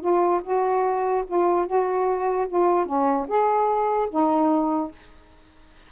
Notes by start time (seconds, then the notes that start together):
0.00 F4
0.43 F#4
1.26 F4
1.66 F#4
2.48 F4
2.86 C#4
3.27 G#4
4.10 D#4